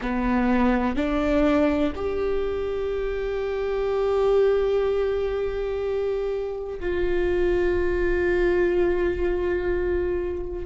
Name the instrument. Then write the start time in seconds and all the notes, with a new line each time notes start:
viola
0.01 B3
0.96 D4
1.95 G4
6.80 F4